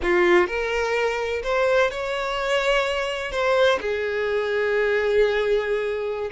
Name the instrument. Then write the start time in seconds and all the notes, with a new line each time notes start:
violin
0.02 F4
0.47 A#4
1.43 C5
1.90 C#5
3.31 C5
3.80 G#4